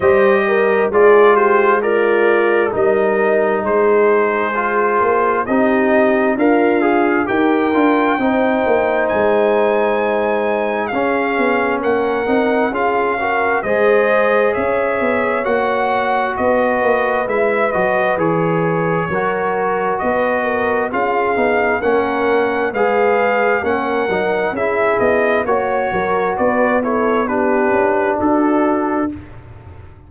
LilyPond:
<<
  \new Staff \with { instrumentName = "trumpet" } { \time 4/4 \tempo 4 = 66 dis''4 d''8 c''8 d''4 dis''4 | c''2 dis''4 f''4 | g''2 gis''2 | f''4 fis''4 f''4 dis''4 |
e''4 fis''4 dis''4 e''8 dis''8 | cis''2 dis''4 f''4 | fis''4 f''4 fis''4 e''8 dis''8 | cis''4 d''8 cis''8 b'4 a'4 | }
  \new Staff \with { instrumentName = "horn" } { \time 4/4 c''8 ais'8 gis'8 g'8 f'4 ais'4 | gis'2 g'4 f'4 | ais'4 c''2. | gis'4 ais'4 gis'8 ais'8 c''4 |
cis''2 b'2~ | b'4 ais'4 b'8 ais'8 gis'4 | ais'4 b'4 ais'4 gis'4 | cis''8 ais'8 b'8 a'8 g'4 fis'4 | }
  \new Staff \with { instrumentName = "trombone" } { \time 4/4 g'4 f'4 ais'4 dis'4~ | dis'4 f'4 dis'4 ais'8 gis'8 | g'8 f'8 dis'2. | cis'4. dis'8 f'8 fis'8 gis'4~ |
gis'4 fis'2 e'8 fis'8 | gis'4 fis'2 f'8 dis'8 | cis'4 gis'4 cis'8 dis'8 e'4 | fis'4. e'8 d'2 | }
  \new Staff \with { instrumentName = "tuba" } { \time 4/4 g4 gis2 g4 | gis4. ais8 c'4 d'4 | dis'8 d'8 c'8 ais8 gis2 | cis'8 b8 ais8 c'8 cis'4 gis4 |
cis'8 b8 ais4 b8 ais8 gis8 fis8 | e4 fis4 b4 cis'8 b8 | ais4 gis4 ais8 fis8 cis'8 b8 | ais8 fis8 b4. cis'8 d'4 | }
>>